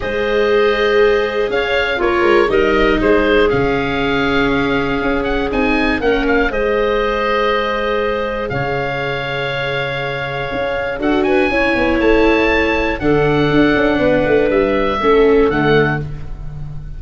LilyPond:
<<
  \new Staff \with { instrumentName = "oboe" } { \time 4/4 \tempo 4 = 120 dis''2. f''4 | cis''4 dis''4 c''4 f''4~ | f''2~ f''8 fis''8 gis''4 | fis''8 f''8 dis''2.~ |
dis''4 f''2.~ | f''2 fis''8 gis''4. | a''2 fis''2~ | fis''4 e''2 fis''4 | }
  \new Staff \with { instrumentName = "clarinet" } { \time 4/4 c''2. cis''4 | f'4 ais'4 gis'2~ | gis'1 | ais'4 c''2.~ |
c''4 cis''2.~ | cis''2 a'8 b'8 cis''4~ | cis''2 a'2 | b'2 a'2 | }
  \new Staff \with { instrumentName = "viola" } { \time 4/4 gis'1 | ais'4 dis'2 cis'4~ | cis'2. dis'4 | cis'4 gis'2.~ |
gis'1~ | gis'2 fis'4 e'4~ | e'2 d'2~ | d'2 cis'4 a4 | }
  \new Staff \with { instrumentName = "tuba" } { \time 4/4 gis2. cis'4 | ais8 gis8 g4 gis4 cis4~ | cis2 cis'4 c'4 | ais4 gis2.~ |
gis4 cis2.~ | cis4 cis'4 d'4 cis'8 b8 | a2 d4 d'8 cis'8 | b8 a8 g4 a4 d4 | }
>>